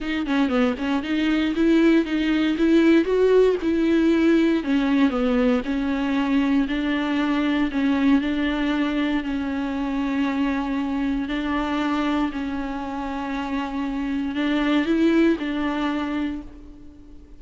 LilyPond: \new Staff \with { instrumentName = "viola" } { \time 4/4 \tempo 4 = 117 dis'8 cis'8 b8 cis'8 dis'4 e'4 | dis'4 e'4 fis'4 e'4~ | e'4 cis'4 b4 cis'4~ | cis'4 d'2 cis'4 |
d'2 cis'2~ | cis'2 d'2 | cis'1 | d'4 e'4 d'2 | }